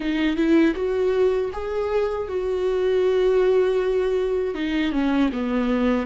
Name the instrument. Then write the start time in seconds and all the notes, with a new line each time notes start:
viola
0.00 D#4
0.36 E4
0.75 F#4
1.53 G#4
2.28 F#4
4.54 D#4
4.92 C#4
5.32 B3